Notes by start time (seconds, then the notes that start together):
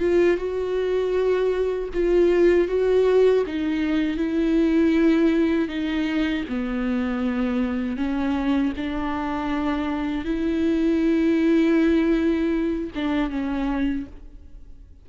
0.00 F4
0.37 F#4
1.94 F4
2.68 F#4
3.47 D#4
4.18 E4
5.69 D#4
6.49 B3
7.97 C#4
8.77 D4
10.25 E4
12.96 D4
13.30 C#4